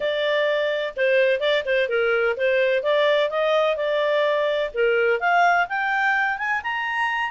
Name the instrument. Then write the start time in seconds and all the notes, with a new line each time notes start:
clarinet
0.00 D5
0.96 C5
1.40 D5
1.65 C5
1.89 A#4
2.36 C5
2.82 D5
3.29 D#5
3.76 D5
4.74 A#4
5.19 F5
5.68 G5
6.38 G#5
6.63 A#5